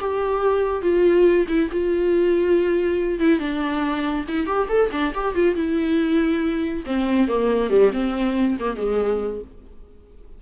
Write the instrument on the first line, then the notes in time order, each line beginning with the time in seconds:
viola
0.00 G4
0.82 F4
1.48 E4
1.72 F4
3.20 E4
3.40 D4
4.29 E4
4.47 G4
4.69 A4
4.92 D4
5.15 G4
5.35 F4
5.56 E4
6.86 C4
7.28 A#3
7.70 G3
7.93 C4
8.60 A#3
8.77 G#3